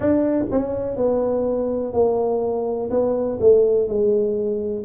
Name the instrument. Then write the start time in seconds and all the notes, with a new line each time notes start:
tuba
0.00 D4
0.51 C#4
0.96 B3
1.93 A#3
2.90 B3
3.40 A3
3.88 G#3